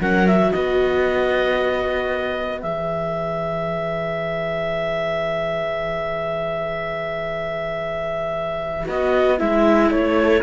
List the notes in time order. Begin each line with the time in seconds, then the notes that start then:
0.00 F#3 C#4 A#4 F#5
0.27 F#4 E5
0.51 B3 B4 D#5
2.59 E3 G#4 E5
8.85 B3 F#4 D#5
9.38 G#3 E4 E5
9.90 A3 C#5
10.21 A4